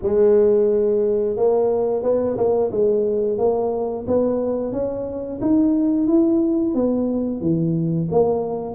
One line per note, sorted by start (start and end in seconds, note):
0.02 1.36 G#3
1.36 2.03 A#3
2.03 2.36 B3
2.37 2.70 A#3
2.71 3.38 G#3
3.38 4.05 A#3
4.07 4.72 B3
4.72 5.40 C#4
5.41 6.07 D#4
6.07 6.74 E4
6.74 7.40 B3
7.40 8.08 E3
8.11 8.74 A#3